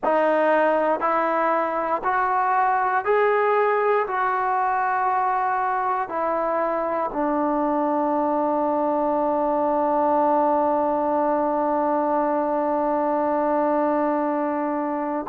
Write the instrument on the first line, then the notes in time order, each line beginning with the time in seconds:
trombone
0.04 D#4
1.00 E4
2.03 F#4
3.04 G#4
4.07 F#4
6.08 E4
7.12 D4